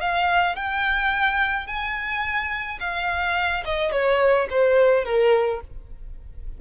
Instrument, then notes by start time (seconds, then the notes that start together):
violin
0.00 F5
0.55 G5
1.66 G#5
2.80 F5
3.65 D#5
3.91 C#5
4.50 C5
5.04 A#4